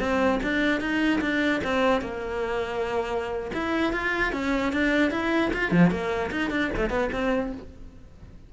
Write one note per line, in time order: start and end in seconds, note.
0.00 0.40 C4
0.43 0.81 D4
0.81 1.21 D#4
1.21 1.61 D4
1.64 2.01 C4
2.01 3.51 A#3
3.53 3.93 E4
3.93 4.33 F4
4.33 4.73 C#4
4.73 5.11 D4
5.11 5.51 E4
5.54 5.71 F4
5.71 5.91 F3
5.91 6.30 A#3
6.31 6.51 D#4
6.51 6.71 D4
6.76 6.90 A3
6.90 7.10 B3
7.12 7.52 C4